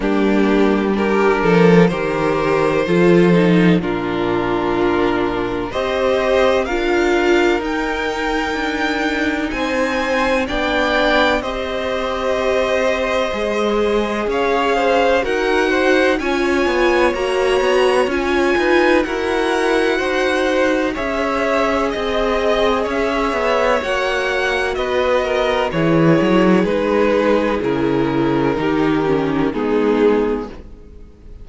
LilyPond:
<<
  \new Staff \with { instrumentName = "violin" } { \time 4/4 \tempo 4 = 63 g'4 ais'4 c''2 | ais'2 dis''4 f''4 | g''2 gis''4 g''4 | dis''2. f''4 |
fis''4 gis''4 ais''4 gis''4 | fis''2 e''4 dis''4 | e''4 fis''4 dis''4 cis''4 | b'4 ais'2 gis'4 | }
  \new Staff \with { instrumentName = "violin" } { \time 4/4 d'4 g'8 a'8 ais'4 a'4 | f'2 c''4 ais'4~ | ais'2 c''4 d''4 | c''2. cis''8 c''8 |
ais'8 c''8 cis''2~ cis''8 b'8 | ais'4 c''4 cis''4 dis''4 | cis''2 b'8 ais'8 gis'4~ | gis'2 g'4 dis'4 | }
  \new Staff \with { instrumentName = "viola" } { \time 4/4 ais4 d'4 g'4 f'8 dis'8 | d'2 g'4 f'4 | dis'2. d'4 | g'2 gis'2 |
fis'4 f'4 fis'4 f'4 | fis'2 gis'2~ | gis'4 fis'2 e'4 | dis'4 e'4 dis'8 cis'8 b4 | }
  \new Staff \with { instrumentName = "cello" } { \time 4/4 g4. f8 dis4 f4 | ais,2 c'4 d'4 | dis'4 d'4 c'4 b4 | c'2 gis4 cis'4 |
dis'4 cis'8 b8 ais8 b8 cis'8 dis'8 | e'4 dis'4 cis'4 c'4 | cis'8 b8 ais4 b4 e8 fis8 | gis4 cis4 dis4 gis4 | }
>>